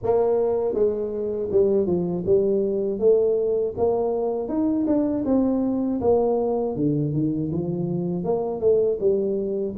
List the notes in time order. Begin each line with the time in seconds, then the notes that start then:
0.03 A#3
0.74 G#3
1.51 G3
1.86 F3
2.26 G3
2.99 A3
3.77 A#3
4.48 D#4
4.86 D4
5.25 C4
6.00 A#3
6.75 D3
7.13 D#3
7.51 F3
8.24 A#3
8.60 A3
9.00 G3